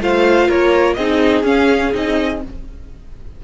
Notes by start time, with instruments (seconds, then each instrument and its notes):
0.00 cello A3, viola F4, violin C5 F5
0.48 cello A#3, violin A#4 C#5
0.94 cello C4, viola D#4, violin G#4 D#5
1.43 cello C#4, viola C#4, violin F5
1.93 cello C4, viola D#4, violin D#5